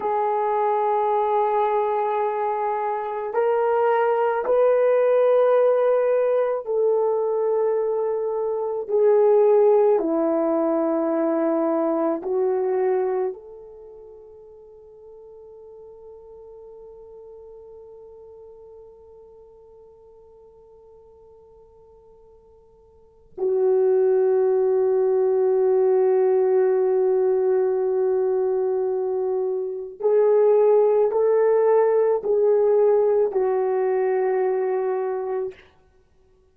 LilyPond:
\new Staff \with { instrumentName = "horn" } { \time 4/4 \tempo 4 = 54 gis'2. ais'4 | b'2 a'2 | gis'4 e'2 fis'4 | a'1~ |
a'1~ | a'4 fis'2.~ | fis'2. gis'4 | a'4 gis'4 fis'2 | }